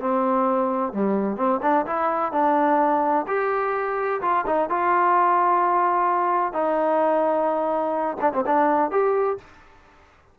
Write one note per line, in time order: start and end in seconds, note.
0.00 0.93 C4
0.93 1.36 G3
1.36 1.60 C4
1.62 1.85 D4
1.86 2.32 E4
2.32 3.26 D4
3.27 4.21 G4
4.21 4.44 F4
4.46 4.69 D#4
4.69 6.52 F4
6.52 8.16 D#4
8.21 8.32 D4
8.33 8.44 C4
8.46 8.91 D4
8.91 9.37 G4